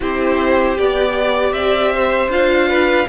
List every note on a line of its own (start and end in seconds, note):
0.00 0.77 C4
0.00 0.77 E4
0.00 1.52 G4
0.00 0.78 C5
0.78 1.51 B3
0.78 2.30 G4
0.78 1.52 D5
1.51 2.28 C4
1.51 1.92 D5
1.51 2.29 E5
1.95 2.69 C5
2.28 3.05 D4
2.28 3.07 F4
2.28 3.08 F5
2.69 3.07 B4